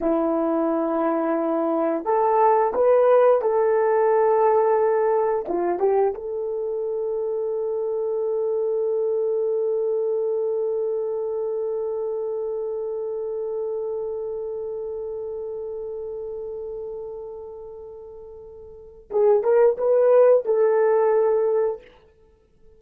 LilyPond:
\new Staff \with { instrumentName = "horn" } { \time 4/4 \tempo 4 = 88 e'2. a'4 | b'4 a'2. | f'8 g'8 a'2.~ | a'1~ |
a'1~ | a'1~ | a'1 | gis'8 ais'8 b'4 a'2 | }